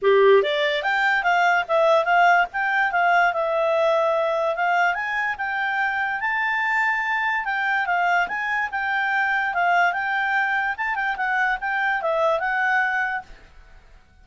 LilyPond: \new Staff \with { instrumentName = "clarinet" } { \time 4/4 \tempo 4 = 145 g'4 d''4 g''4 f''4 | e''4 f''4 g''4 f''4 | e''2. f''4 | gis''4 g''2 a''4~ |
a''2 g''4 f''4 | gis''4 g''2 f''4 | g''2 a''8 g''8 fis''4 | g''4 e''4 fis''2 | }